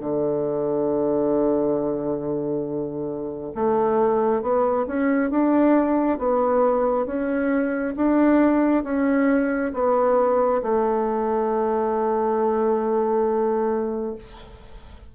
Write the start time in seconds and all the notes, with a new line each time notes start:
0.00 D3
3.55 A3
4.42 B3
4.87 C#4
5.31 D4
6.19 B3
7.06 C#4
7.97 D4
8.84 C#4
9.74 B3
10.62 A3